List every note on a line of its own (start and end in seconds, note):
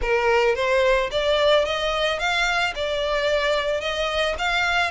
0.01 0.55 A#4
0.55 1.09 C5
1.11 1.65 D5
1.65 2.19 D#5
2.19 2.73 F5
2.75 3.81 D5
3.81 4.35 D#5
4.38 4.90 F5